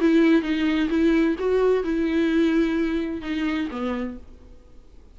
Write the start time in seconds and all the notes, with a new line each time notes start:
0.00 E4
0.42 D#4
0.89 E4
1.38 F#4
1.83 E4
3.21 D#4
3.70 B3